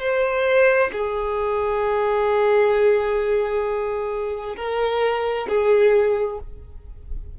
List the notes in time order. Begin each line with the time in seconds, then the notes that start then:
0.00 C5
0.93 G#4
4.57 A#4
5.48 G#4